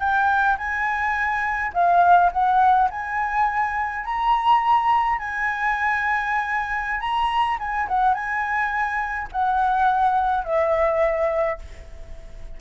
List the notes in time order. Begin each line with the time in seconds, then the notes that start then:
0.00 G5
0.58 G#5
1.74 F5
2.32 F#5
2.91 G#5
4.05 A#5
5.19 G#5
7.01 A#5
7.59 G#5
7.88 F#5
8.14 G#5
9.32 F#5
10.45 E5